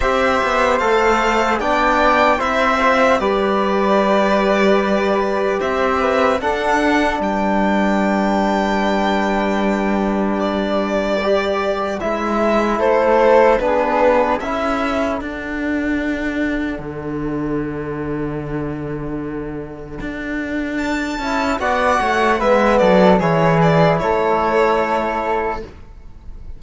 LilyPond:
<<
  \new Staff \with { instrumentName = "violin" } { \time 4/4 \tempo 4 = 75 e''4 f''4 g''4 e''4 | d''2. e''4 | fis''4 g''2.~ | g''4 d''2 e''4 |
c''4 b'4 e''4 fis''4~ | fis''1~ | fis''2 a''4 fis''4 | e''8 d''8 cis''8 d''8 cis''2 | }
  \new Staff \with { instrumentName = "flute" } { \time 4/4 c''2 d''4 c''4 | b'2. c''8 b'8 | a'4 b'2.~ | b'1 |
a'4 gis'4 a'2~ | a'1~ | a'2. d''8 cis''8 | b'8 a'8 gis'4 a'2 | }
  \new Staff \with { instrumentName = "trombone" } { \time 4/4 g'4 a'4 d'4 e'8 f'8 | g'1 | d'1~ | d'2 g'4 e'4~ |
e'4 d'4 e'4 d'4~ | d'1~ | d'2~ d'8 e'8 fis'4 | b4 e'2. | }
  \new Staff \with { instrumentName = "cello" } { \time 4/4 c'8 b8 a4 b4 c'4 | g2. c'4 | d'4 g2.~ | g2. gis4 |
a4 b4 cis'4 d'4~ | d'4 d2.~ | d4 d'4. cis'8 b8 a8 | gis8 fis8 e4 a2 | }
>>